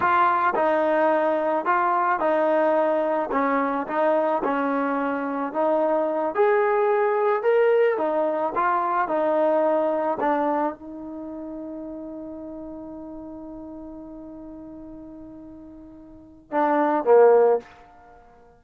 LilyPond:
\new Staff \with { instrumentName = "trombone" } { \time 4/4 \tempo 4 = 109 f'4 dis'2 f'4 | dis'2 cis'4 dis'4 | cis'2 dis'4. gis'8~ | gis'4. ais'4 dis'4 f'8~ |
f'8 dis'2 d'4 dis'8~ | dis'1~ | dis'1~ | dis'2 d'4 ais4 | }